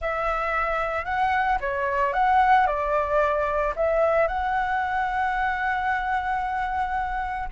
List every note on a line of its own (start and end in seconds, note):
0.01 1.04 E5
1.04 1.58 F#5
1.60 2.13 C#5
2.13 2.66 F#5
2.66 3.74 D5
3.75 4.27 E5
4.27 7.49 F#5